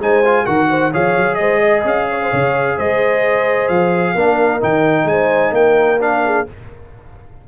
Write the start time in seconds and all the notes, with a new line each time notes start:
0.00 G#3 D#4 C5 G#5
0.26 F4
0.46 D#3 F#4 A#4 F#5
0.70 C5
0.92 F3 G#4 C#5 F5
1.17 F#3
1.35 G#3 C5 D#5
1.61 D#5
1.85 C#4 F5
2.10 C#5
2.23 C5
2.31 C#3 C#5
2.77 G#3 C5 D#5
3.69 F3 F5
4.15 A#3 D4 A#4
4.61 D#3 D#4 G5
5.05 G#3 C5 G#5
5.52 A#3 A#4 G5
6.00 D4 F5
6.26 G#4